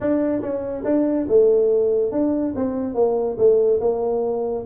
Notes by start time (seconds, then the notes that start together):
0.00 D4
0.41 C#4
0.84 D4
1.28 A3
2.11 D4
2.55 C4
2.94 A#3
3.37 A3
3.80 A#3